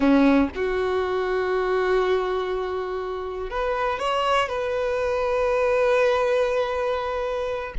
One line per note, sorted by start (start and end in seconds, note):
0.00 0.49 C#4
0.55 3.50 F#4
3.50 3.99 B4
3.99 4.48 C#5
4.48 7.73 B4